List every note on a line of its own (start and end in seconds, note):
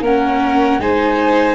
0.00 0.78 A#3
0.00 0.80 C#4
0.00 0.80 A#4
0.00 0.80 F#5
0.78 1.55 G#3
0.78 1.55 D#4
0.78 1.55 C5
0.78 1.55 G#5